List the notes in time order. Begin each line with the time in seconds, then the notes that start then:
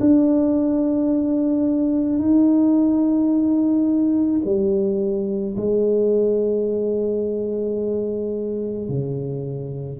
0.00 D4
2.19 D#4
4.45 G3
5.57 G#3
8.88 C#3